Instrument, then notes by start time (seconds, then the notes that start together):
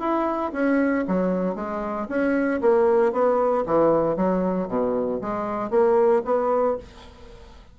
bassoon
0.00 E4
0.53 C#4
1.08 F#3
1.55 G#3
2.09 C#4
2.62 A#3
3.13 B3
3.66 E3
4.17 F#3
4.68 B2
5.22 G#3
5.71 A#3
6.25 B3